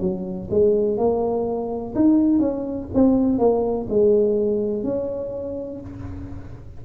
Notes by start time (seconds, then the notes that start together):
0.00 F#3
0.50 G#3
0.97 A#3
1.95 D#4
2.39 C#4
2.94 C4
3.38 A#3
3.89 G#3
4.83 C#4